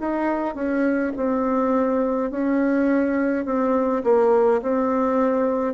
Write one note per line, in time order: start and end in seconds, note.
0.00 0.55 D#4
0.55 1.12 C#4
1.16 2.31 C4
2.31 3.45 C#4
3.45 4.03 C4
4.03 4.61 A#3
4.62 5.74 C4